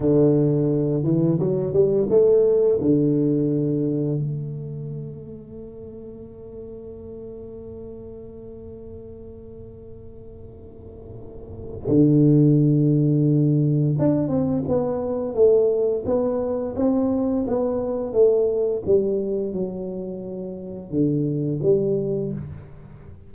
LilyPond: \new Staff \with { instrumentName = "tuba" } { \time 4/4 \tempo 4 = 86 d4. e8 fis8 g8 a4 | d2 a2~ | a1~ | a1~ |
a4 d2. | d'8 c'8 b4 a4 b4 | c'4 b4 a4 g4 | fis2 d4 g4 | }